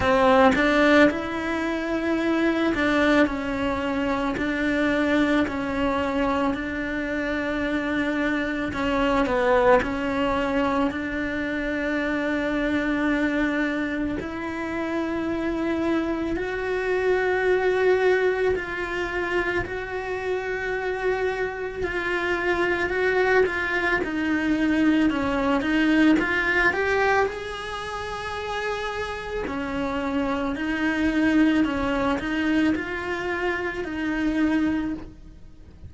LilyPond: \new Staff \with { instrumentName = "cello" } { \time 4/4 \tempo 4 = 55 c'8 d'8 e'4. d'8 cis'4 | d'4 cis'4 d'2 | cis'8 b8 cis'4 d'2~ | d'4 e'2 fis'4~ |
fis'4 f'4 fis'2 | f'4 fis'8 f'8 dis'4 cis'8 dis'8 | f'8 g'8 gis'2 cis'4 | dis'4 cis'8 dis'8 f'4 dis'4 | }